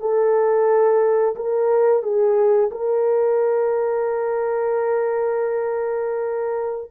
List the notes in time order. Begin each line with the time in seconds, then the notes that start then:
0.00 A4
1.35 A#4
2.02 G#4
2.71 A#4